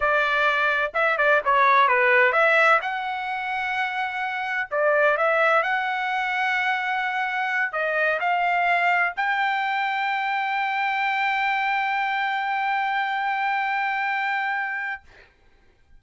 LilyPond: \new Staff \with { instrumentName = "trumpet" } { \time 4/4 \tempo 4 = 128 d''2 e''8 d''8 cis''4 | b'4 e''4 fis''2~ | fis''2 d''4 e''4 | fis''1~ |
fis''8 dis''4 f''2 g''8~ | g''1~ | g''1~ | g''1 | }